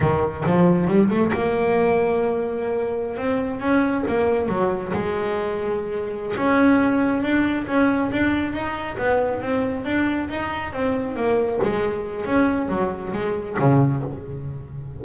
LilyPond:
\new Staff \with { instrumentName = "double bass" } { \time 4/4 \tempo 4 = 137 dis4 f4 g8 a8 ais4~ | ais2.~ ais16 c'8.~ | c'16 cis'4 ais4 fis4 gis8.~ | gis2~ gis8 cis'4.~ |
cis'8 d'4 cis'4 d'4 dis'8~ | dis'8 b4 c'4 d'4 dis'8~ | dis'8 c'4 ais4 gis4. | cis'4 fis4 gis4 cis4 | }